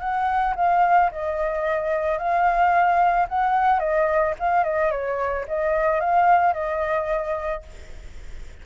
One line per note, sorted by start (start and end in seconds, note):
0.00 0.55 F#5
0.56 1.11 F5
1.12 2.18 D#5
2.18 3.27 F5
3.29 3.80 F#5
3.80 4.34 D#5
4.40 4.64 F5
4.64 4.91 D#5
4.91 5.46 C#5
5.48 6.00 D#5
6.00 6.54 F5
6.54 7.63 D#5